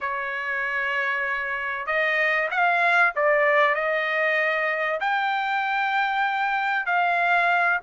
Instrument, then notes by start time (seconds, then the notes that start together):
trumpet
0.01 C#5
1.86 D#5
2.50 F5
3.15 D5
3.74 D#5
5.00 G5
6.86 F5